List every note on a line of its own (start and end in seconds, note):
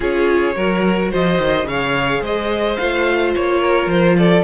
0.00 0.55 C#4
0.00 0.55 F4
0.00 0.55 G#4
0.00 1.13 C#5
0.55 1.11 F#3
0.55 1.66 F#4
0.55 1.10 A#4
1.10 1.38 F3
1.10 1.66 C5
1.10 1.67 D#5
1.38 1.64 D#3
1.64 2.19 C#3
1.64 2.79 G#4
1.64 2.21 C#5
1.64 2.23 F5
2.21 2.77 G#3
2.21 3.60 C5
2.21 2.76 D#5
2.76 3.35 A3
2.76 4.44 F4
2.76 3.31 F5
3.35 3.86 A#3
3.35 3.89 C#5
3.60 4.16 A#4
3.86 4.41 F3
3.86 4.16 C5
4.17 4.44 A4
4.17 4.44 D5